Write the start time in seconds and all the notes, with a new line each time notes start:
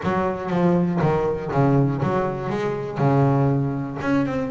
0.02 F#3
0.50 F3
1.01 D#3
1.51 C#3
2.02 F#3
2.49 G#3
2.98 C#3
4.01 C#4
4.25 C4